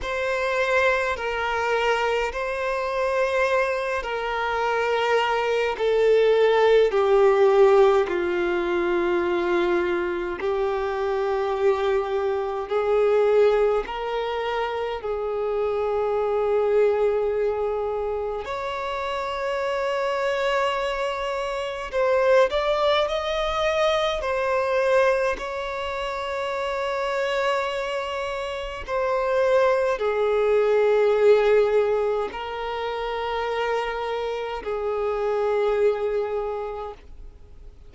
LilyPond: \new Staff \with { instrumentName = "violin" } { \time 4/4 \tempo 4 = 52 c''4 ais'4 c''4. ais'8~ | ais'4 a'4 g'4 f'4~ | f'4 g'2 gis'4 | ais'4 gis'2. |
cis''2. c''8 d''8 | dis''4 c''4 cis''2~ | cis''4 c''4 gis'2 | ais'2 gis'2 | }